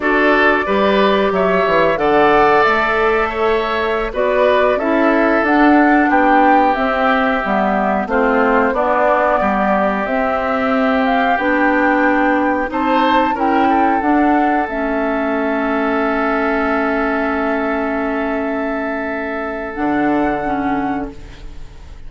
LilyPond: <<
  \new Staff \with { instrumentName = "flute" } { \time 4/4 \tempo 4 = 91 d''2 e''4 fis''4 | e''2~ e''16 d''4 e''8.~ | e''16 fis''4 g''4 e''4.~ e''16~ | e''16 c''4 d''2 e''8.~ |
e''8. f''8 g''2 a''8.~ | a''16 g''4 fis''4 e''4.~ e''16~ | e''1~ | e''2 fis''2 | }
  \new Staff \with { instrumentName = "oboe" } { \time 4/4 a'4 b'4 cis''4 d''4~ | d''4 cis''4~ cis''16 b'4 a'8.~ | a'4~ a'16 g'2~ g'8.~ | g'16 f'4 d'4 g'4.~ g'16~ |
g'2.~ g'16 c''8.~ | c''16 ais'8 a'2.~ a'16~ | a'1~ | a'1 | }
  \new Staff \with { instrumentName = "clarinet" } { \time 4/4 fis'4 g'2 a'4~ | a'2~ a'16 fis'4 e'8.~ | e'16 d'2 c'4 b8.~ | b16 c'4 b2 c'8.~ |
c'4~ c'16 d'2 dis'8.~ | dis'16 e'4 d'4 cis'4.~ cis'16~ | cis'1~ | cis'2 d'4 cis'4 | }
  \new Staff \with { instrumentName = "bassoon" } { \time 4/4 d'4 g4 fis8 e8 d4 | a2~ a16 b4 cis'8.~ | cis'16 d'4 b4 c'4 g8.~ | g16 a4 b4 g4 c'8.~ |
c'4~ c'16 b2 c'8.~ | c'16 cis'4 d'4 a4.~ a16~ | a1~ | a2 d2 | }
>>